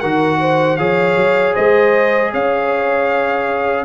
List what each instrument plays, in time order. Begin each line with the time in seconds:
0.00 tuba D#3, trombone F#4, horn A#4, trumpet F#5
0.41 horn C5
0.77 tuba F3, trombone G#4, horn C#5, trumpet F5
1.16 tuba F#3
1.54 tuba G#3, horn C5, trumpet D#5
2.33 tuba C#4, horn C#5, trumpet F5